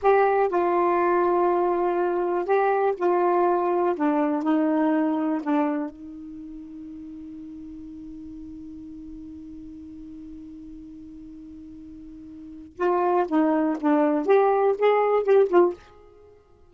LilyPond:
\new Staff \with { instrumentName = "saxophone" } { \time 4/4 \tempo 4 = 122 g'4 f'2.~ | f'4 g'4 f'2 | d'4 dis'2 d'4 | dis'1~ |
dis'1~ | dis'1~ | dis'2 f'4 dis'4 | d'4 g'4 gis'4 g'8 f'8 | }